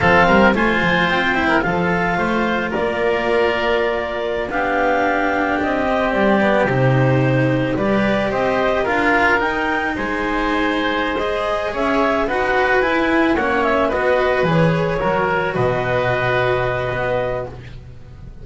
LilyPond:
<<
  \new Staff \with { instrumentName = "clarinet" } { \time 4/4 \tempo 4 = 110 f''4 gis''4 g''4 f''4~ | f''4 d''2.~ | d''16 f''2 dis''4 d''8.~ | d''16 c''2 d''4 dis''8.~ |
dis''16 f''4 g''4 gis''4.~ gis''16~ | gis''8 dis''4 e''4 fis''4 gis''8~ | gis''8 fis''8 e''8 dis''4 cis''4.~ | cis''8 dis''2.~ dis''8 | }
  \new Staff \with { instrumentName = "oboe" } { \time 4/4 a'8 ais'8 c''4.~ c''16 ais'16 a'4 | c''4 ais'2.~ | ais'16 g'2.~ g'8.~ | g'2~ g'16 b'4 c''8.~ |
c''16 ais'2 c''4.~ c''16~ | c''4. cis''4 b'4.~ | b'8 cis''4 b'2 ais'8~ | ais'8 b'2.~ b'8 | }
  \new Staff \with { instrumentName = "cello" } { \time 4/4 c'4 f'4. e'8 f'4~ | f'1~ | f'16 d'2~ d'8 c'4 b16~ | b16 dis'2 g'4.~ g'16~ |
g'16 f'4 dis'2~ dis'8.~ | dis'8 gis'2 fis'4 e'8~ | e'8 cis'4 fis'4 gis'4 fis'8~ | fis'1 | }
  \new Staff \with { instrumentName = "double bass" } { \time 4/4 f8 g8 a8 f8 c'4 f4 | a4 ais2.~ | ais16 b2 c'4 g8.~ | g16 c2 g4 c'8.~ |
c'16 d'4 dis'4 gis4.~ gis16~ | gis4. cis'4 dis'4 e'8~ | e'8 ais4 b4 e4 fis8~ | fis8 b,2~ b,8 b4 | }
>>